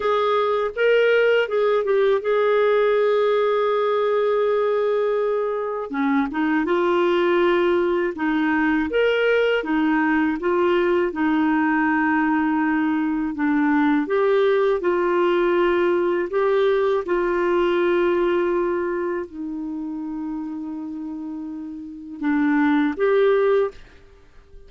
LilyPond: \new Staff \with { instrumentName = "clarinet" } { \time 4/4 \tempo 4 = 81 gis'4 ais'4 gis'8 g'8 gis'4~ | gis'1 | cis'8 dis'8 f'2 dis'4 | ais'4 dis'4 f'4 dis'4~ |
dis'2 d'4 g'4 | f'2 g'4 f'4~ | f'2 dis'2~ | dis'2 d'4 g'4 | }